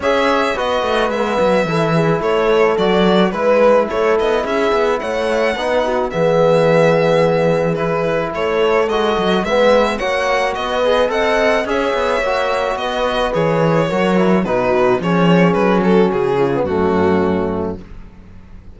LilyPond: <<
  \new Staff \with { instrumentName = "violin" } { \time 4/4 \tempo 4 = 108 e''4 dis''4 e''2 | cis''4 d''4 b'4 cis''8 dis''8 | e''4 fis''2 e''4~ | e''2 b'4 cis''4 |
dis''4 e''4 fis''4 dis''4 | fis''4 e''2 dis''4 | cis''2 b'4 cis''4 | b'8 a'8 gis'4 fis'2 | }
  \new Staff \with { instrumentName = "horn" } { \time 4/4 cis''4 b'2 a'8 gis'8 | a'2 b'4 a'4 | gis'4 cis''4 b'8 fis'8 gis'4~ | gis'2. a'4~ |
a'4 b'4 cis''4 b'4 | dis''4 cis''2 b'4~ | b'4 ais'4 fis'4 gis'4~ | gis'8 fis'4 f'8 cis'2 | }
  \new Staff \with { instrumentName = "trombone" } { \time 4/4 gis'4 fis'4 b4 e'4~ | e'4 fis'4 e'2~ | e'2 dis'4 b4~ | b2 e'2 |
fis'4 b4 fis'4. gis'8 | a'4 gis'4 fis'2 | gis'4 fis'8 e'8 dis'4 cis'4~ | cis'4.~ cis'16 b16 a2 | }
  \new Staff \with { instrumentName = "cello" } { \time 4/4 cis'4 b8 a8 gis8 fis8 e4 | a4 fis4 gis4 a8 b8 | cis'8 b8 a4 b4 e4~ | e2. a4 |
gis8 fis8 gis4 ais4 b4 | c'4 cis'8 b8 ais4 b4 | e4 fis4 b,4 f4 | fis4 cis4 fis,2 | }
>>